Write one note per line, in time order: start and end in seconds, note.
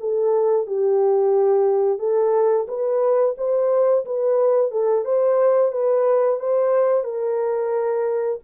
0.00 0.67 A4
0.67 1.99 G4
1.99 2.67 A4
2.68 3.36 B4
3.38 4.05 C5
4.05 4.72 B4
4.72 5.05 A4
5.05 5.72 C5
5.72 6.40 B4
6.40 7.04 C5
7.04 8.39 A#4